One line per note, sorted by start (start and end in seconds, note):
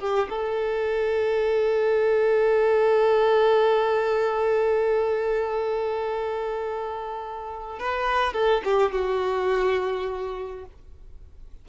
0.00 0.29 G4
0.30 7.79 A4
7.79 8.33 B4
8.33 8.62 A4
8.65 8.92 G4
8.92 10.65 F#4